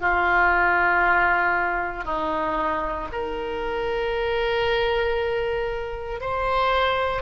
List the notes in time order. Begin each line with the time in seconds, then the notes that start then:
0.00 F4
2.04 D#4
3.12 A#4
6.20 C5